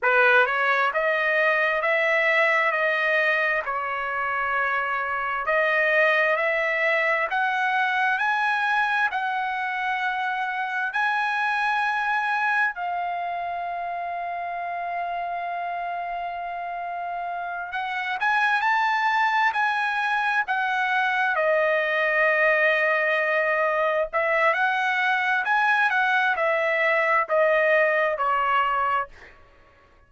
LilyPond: \new Staff \with { instrumentName = "trumpet" } { \time 4/4 \tempo 4 = 66 b'8 cis''8 dis''4 e''4 dis''4 | cis''2 dis''4 e''4 | fis''4 gis''4 fis''2 | gis''2 f''2~ |
f''2.~ f''8 fis''8 | gis''8 a''4 gis''4 fis''4 dis''8~ | dis''2~ dis''8 e''8 fis''4 | gis''8 fis''8 e''4 dis''4 cis''4 | }